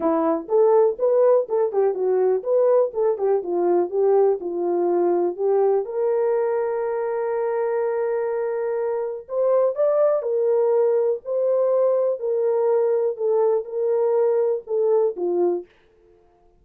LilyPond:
\new Staff \with { instrumentName = "horn" } { \time 4/4 \tempo 4 = 123 e'4 a'4 b'4 a'8 g'8 | fis'4 b'4 a'8 g'8 f'4 | g'4 f'2 g'4 | ais'1~ |
ais'2. c''4 | d''4 ais'2 c''4~ | c''4 ais'2 a'4 | ais'2 a'4 f'4 | }